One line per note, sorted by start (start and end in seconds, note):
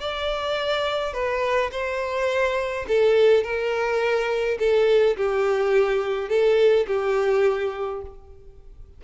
0.00 1.13 D5
1.13 1.70 B4
1.72 2.86 C5
2.88 3.44 A4
3.44 4.58 A#4
4.59 5.16 A4
5.17 6.29 G4
6.29 6.86 A4
6.87 8.02 G4